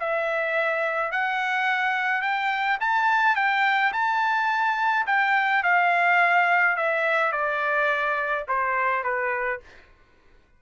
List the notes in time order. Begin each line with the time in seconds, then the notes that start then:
0.00 E5
1.12 F#5
2.22 G5
2.81 A5
3.36 G5
3.93 A5
5.07 G5
5.64 F5
6.77 E5
7.32 D5
8.48 C5
9.04 B4